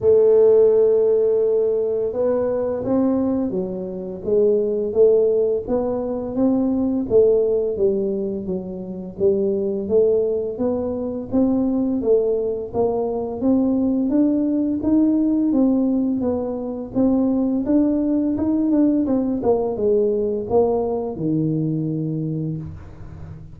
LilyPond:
\new Staff \with { instrumentName = "tuba" } { \time 4/4 \tempo 4 = 85 a2. b4 | c'4 fis4 gis4 a4 | b4 c'4 a4 g4 | fis4 g4 a4 b4 |
c'4 a4 ais4 c'4 | d'4 dis'4 c'4 b4 | c'4 d'4 dis'8 d'8 c'8 ais8 | gis4 ais4 dis2 | }